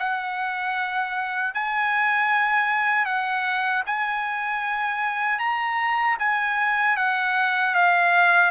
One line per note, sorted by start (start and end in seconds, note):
0.00 1.55 F#5
1.55 3.06 G#5
3.06 3.84 F#5
3.87 5.40 G#5
5.40 6.18 A#5
6.19 6.97 G#5
6.97 7.75 F#5
7.75 8.51 F5